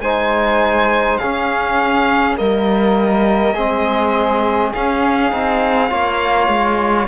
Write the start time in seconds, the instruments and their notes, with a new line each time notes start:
0.00 cello G#3, trombone D#4, flute C5, violin G#5
1.17 trombone C#4, cello C#4, flute G#4, violin F5
2.35 cello G3, trombone A#3, flute A#4, violin D#5
3.53 cello G#3, trombone C4, flute G#4
4.74 trombone C#4, cello C#4, violin F5
5.31 cello C4, trombone D#4
5.89 cello A#3, trombone F4, flute C#5
6.48 cello G#3